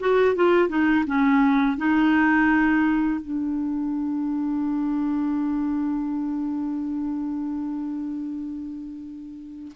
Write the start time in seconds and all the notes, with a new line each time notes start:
0.00 F#4
0.35 F4
0.69 D#4
1.06 C#4
1.77 D#4
3.21 D4